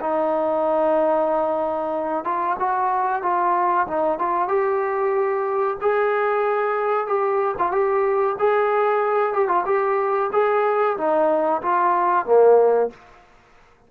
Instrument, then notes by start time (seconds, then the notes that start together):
trombone
0.00 D#4
2.24 F4
2.59 F#4
3.22 F4
3.87 D#4
4.18 F4
4.48 G4
5.81 G#4
7.06 G4
7.58 F4
7.71 G4
8.38 G#4
9.33 G4
9.48 F4
9.65 G4
10.32 G#4
10.97 D#4
11.62 F4
12.25 A#3